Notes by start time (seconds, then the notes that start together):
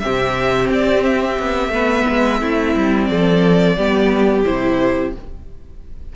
0.00 C3 C4 G4 E5
0.70 C4 D5
1.04 E5
1.39 B3
1.69 A3 B3 B4
2.09 G#3
2.41 A3 C4 E4
2.76 G3
3.06 F3 A4 D5
3.77 G3 B3 G4
4.45 C3 E4 C5